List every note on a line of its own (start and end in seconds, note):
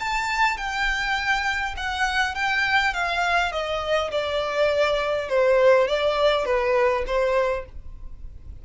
0.00 0.58 A5
0.58 1.75 G5
1.77 2.35 F#5
2.35 2.94 G5
2.94 3.52 F5
3.52 4.11 D#5
4.11 5.29 D5
5.29 5.88 C5
5.88 6.45 D5
6.45 7.04 B4
7.07 7.66 C5